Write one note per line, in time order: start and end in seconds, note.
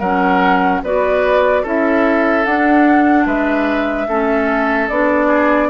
0.00 0.82 F#3
0.00 0.85 C#4
0.00 0.81 A#4
0.00 0.81 F#5
0.83 1.64 B3
0.83 1.65 F#4
0.83 1.63 B4
0.83 1.66 D5
1.63 2.45 C#4
1.63 2.45 E4
1.63 3.25 A4
1.63 2.45 E5
2.45 4.07 D4
2.45 3.26 D4
2.45 3.27 F#5
3.26 4.07 G#3
3.26 4.07 B4
3.26 4.89 E5
4.08 4.89 A3
4.08 4.90 C#4
4.08 5.27 A4
4.89 5.70 B3
4.89 5.70 D4
4.89 5.70 D5
5.27 5.68 G#4